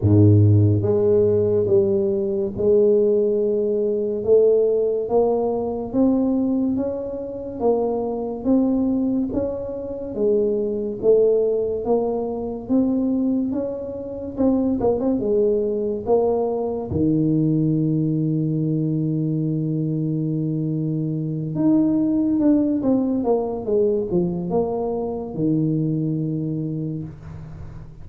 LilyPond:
\new Staff \with { instrumentName = "tuba" } { \time 4/4 \tempo 4 = 71 gis,4 gis4 g4 gis4~ | gis4 a4 ais4 c'4 | cis'4 ais4 c'4 cis'4 | gis4 a4 ais4 c'4 |
cis'4 c'8 ais16 c'16 gis4 ais4 | dis1~ | dis4. dis'4 d'8 c'8 ais8 | gis8 f8 ais4 dis2 | }